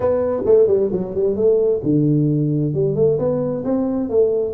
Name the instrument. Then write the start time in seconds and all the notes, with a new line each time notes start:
tuba
0.00 B3
0.45 A3
0.67 G3
0.92 F#3
1.15 G3
1.36 A3
1.83 D3
2.74 G3
2.95 A3
3.18 B3
3.64 C4
4.09 A3